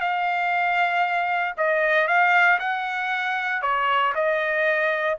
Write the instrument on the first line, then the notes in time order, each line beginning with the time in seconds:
trumpet
0.00 F5
1.57 D#5
2.07 F5
2.59 F#5
3.62 C#5
4.15 D#5